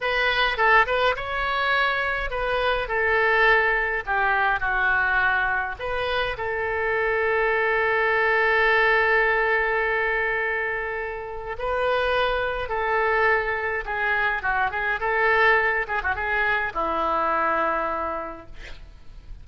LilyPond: \new Staff \with { instrumentName = "oboe" } { \time 4/4 \tempo 4 = 104 b'4 a'8 b'8 cis''2 | b'4 a'2 g'4 | fis'2 b'4 a'4~ | a'1~ |
a'1 | b'2 a'2 | gis'4 fis'8 gis'8 a'4. gis'16 fis'16 | gis'4 e'2. | }